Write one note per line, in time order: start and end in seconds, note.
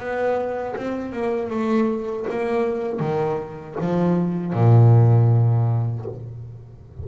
0.00 0.76 B3
0.77 1.13 C4
1.13 1.51 A#3
1.51 2.26 A3
2.30 3.00 A#3
3.00 3.76 D#3
3.81 4.54 F3
4.54 6.06 A#2